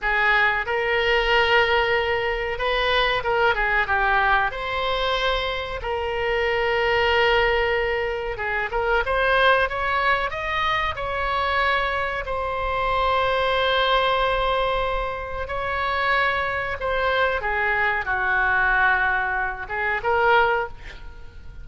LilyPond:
\new Staff \with { instrumentName = "oboe" } { \time 4/4 \tempo 4 = 93 gis'4 ais'2. | b'4 ais'8 gis'8 g'4 c''4~ | c''4 ais'2.~ | ais'4 gis'8 ais'8 c''4 cis''4 |
dis''4 cis''2 c''4~ | c''1 | cis''2 c''4 gis'4 | fis'2~ fis'8 gis'8 ais'4 | }